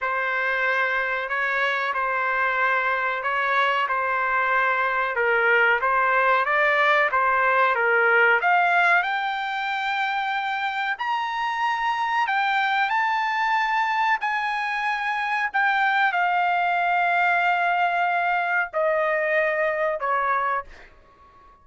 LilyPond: \new Staff \with { instrumentName = "trumpet" } { \time 4/4 \tempo 4 = 93 c''2 cis''4 c''4~ | c''4 cis''4 c''2 | ais'4 c''4 d''4 c''4 | ais'4 f''4 g''2~ |
g''4 ais''2 g''4 | a''2 gis''2 | g''4 f''2.~ | f''4 dis''2 cis''4 | }